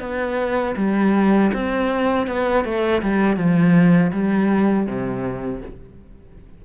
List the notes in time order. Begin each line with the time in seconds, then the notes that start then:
0.00 B3
0.76 G3
1.53 C4
2.27 B3
2.65 A3
3.02 G3
3.37 F3
4.12 G3
4.87 C3